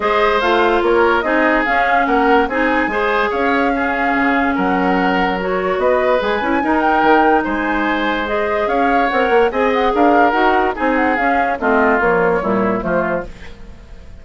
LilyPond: <<
  \new Staff \with { instrumentName = "flute" } { \time 4/4 \tempo 4 = 145 dis''4 f''4 cis''4 dis''4 | f''4 fis''4 gis''2 | f''2. fis''4~ | fis''4 cis''4 dis''4 gis''4~ |
gis''8 g''4. gis''2 | dis''4 f''4 fis''4 gis''8 fis''8 | f''4 fis''4 gis''8 fis''8 f''4 | dis''4 cis''2 c''4 | }
  \new Staff \with { instrumentName = "oboe" } { \time 4/4 c''2 ais'4 gis'4~ | gis'4 ais'4 gis'4 c''4 | cis''4 gis'2 ais'4~ | ais'2 b'2 |
ais'2 c''2~ | c''4 cis''2 dis''4 | ais'2 gis'2 | f'2 e'4 f'4 | }
  \new Staff \with { instrumentName = "clarinet" } { \time 4/4 gis'4 f'2 dis'4 | cis'2 dis'4 gis'4~ | gis'4 cis'2.~ | cis'4 fis'2 gis'8 e'8 |
dis'1 | gis'2 ais'4 gis'4~ | gis'4 fis'4 dis'4 cis'4 | c'4 f4 g4 a4 | }
  \new Staff \with { instrumentName = "bassoon" } { \time 4/4 gis4 a4 ais4 c'4 | cis'4 ais4 c'4 gis4 | cis'2 cis4 fis4~ | fis2 b4 gis8 cis'8 |
dis'4 dis4 gis2~ | gis4 cis'4 c'8 ais8 c'4 | d'4 dis'4 c'4 cis'4 | a4 ais4 ais,4 f4 | }
>>